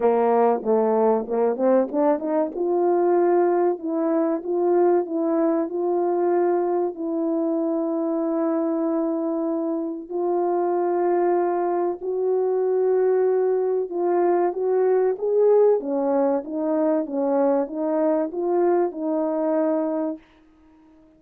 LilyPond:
\new Staff \with { instrumentName = "horn" } { \time 4/4 \tempo 4 = 95 ais4 a4 ais8 c'8 d'8 dis'8 | f'2 e'4 f'4 | e'4 f'2 e'4~ | e'1 |
f'2. fis'4~ | fis'2 f'4 fis'4 | gis'4 cis'4 dis'4 cis'4 | dis'4 f'4 dis'2 | }